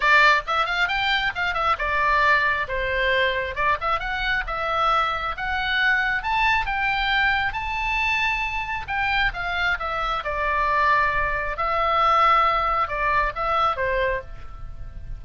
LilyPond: \new Staff \with { instrumentName = "oboe" } { \time 4/4 \tempo 4 = 135 d''4 e''8 f''8 g''4 f''8 e''8 | d''2 c''2 | d''8 e''8 fis''4 e''2 | fis''2 a''4 g''4~ |
g''4 a''2. | g''4 f''4 e''4 d''4~ | d''2 e''2~ | e''4 d''4 e''4 c''4 | }